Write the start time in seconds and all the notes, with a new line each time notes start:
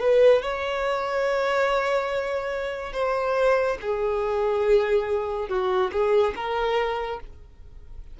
0.00 B4
0.42 C#5
2.93 C5
3.81 G#4
5.49 F#4
5.92 G#4
6.35 A#4